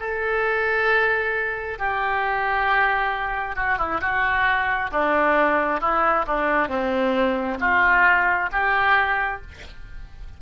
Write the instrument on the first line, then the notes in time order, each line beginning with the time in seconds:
oboe
0.00 A4
1.79 G4
3.56 F#4
3.79 E4
4.01 F#4
4.91 D4
5.81 E4
6.27 D4
6.69 C4
7.60 F4
8.52 G4